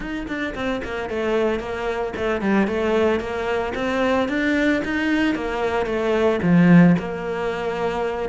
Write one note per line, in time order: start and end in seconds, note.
0.00 0.26 D#4
0.27 0.54 D4
0.54 0.81 C4
0.84 1.09 A#3
1.09 1.59 A3
1.59 2.13 A#3
2.16 2.41 A3
2.41 2.67 G3
2.67 3.19 A3
3.19 3.73 A#3
3.75 4.28 C4
4.28 4.81 D4
4.84 5.34 D#4
5.34 5.86 A#3
5.86 6.39 A3
6.42 6.95 F3
6.98 8.29 A#3